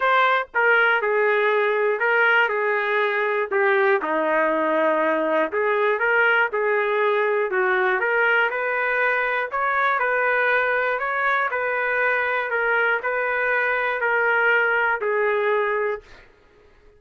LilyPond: \new Staff \with { instrumentName = "trumpet" } { \time 4/4 \tempo 4 = 120 c''4 ais'4 gis'2 | ais'4 gis'2 g'4 | dis'2. gis'4 | ais'4 gis'2 fis'4 |
ais'4 b'2 cis''4 | b'2 cis''4 b'4~ | b'4 ais'4 b'2 | ais'2 gis'2 | }